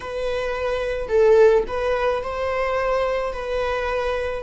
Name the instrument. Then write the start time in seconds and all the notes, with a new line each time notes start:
viola
0.00 B4
1.08 A4
1.67 B4
2.22 C5
3.32 B4